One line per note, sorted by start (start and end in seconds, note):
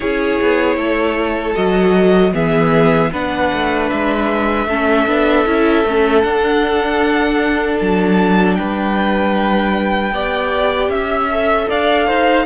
0.00 0.40 C#4
0.00 1.53 E4
0.00 0.76 G#4
0.00 1.54 C#5
0.40 0.76 B3
0.76 1.54 A3
0.76 2.32 A4
1.53 2.33 F#3
1.53 2.31 F#4
1.53 2.33 D#5
2.33 3.11 E3
2.33 3.11 B3
2.33 3.11 G#4
2.33 3.12 E5
3.12 3.51 B3
3.12 4.68 D4
3.12 4.67 B4
3.12 3.89 F#5
3.52 3.91 A3
3.89 4.67 G#3
3.89 6.21 E5
4.67 5.06 A3
4.67 5.07 C#4
4.67 8.57 A4
5.06 5.45 B3
5.06 5.46 D4
5.46 5.84 C#4
5.46 5.85 E4
5.84 6.23 A3
5.84 6.23 C#4
6.21 10.13 D4
6.21 7.80 D4
6.21 7.77 F#5
7.79 8.58 F#3
7.79 8.55 A5
8.55 10.11 G3
8.55 10.13 B4
8.55 10.89 G5
10.11 10.88 B3
10.11 11.30 G4
10.11 10.91 D5
10.88 11.66 C#4
10.88 11.67 E5
10.88 11.69 E5
11.31 12.45 A4
11.69 12.08 D4
11.69 12.06 D5
11.69 12.45 F5
12.06 12.45 D#4
12.06 12.45 C5